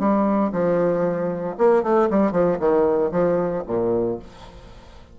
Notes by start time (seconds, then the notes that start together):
0.00 G3
0.53 F3
1.58 A#3
1.83 A3
2.11 G3
2.32 F3
2.60 D#3
3.12 F3
3.67 A#2